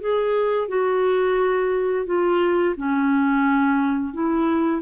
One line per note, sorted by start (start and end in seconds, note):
0.00 0.68 G#4
0.68 2.06 F#4
2.06 2.75 F4
2.76 4.13 C#4
4.13 4.82 E4